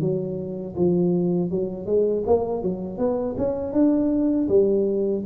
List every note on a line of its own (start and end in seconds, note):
0.00 0.75 F#3
0.75 1.50 F3
1.50 1.85 F#3
1.85 2.23 G#3
2.26 2.62 A#3
2.62 2.98 F#3
2.98 3.35 B3
3.37 3.72 C#4
3.72 4.47 D4
4.48 5.23 G3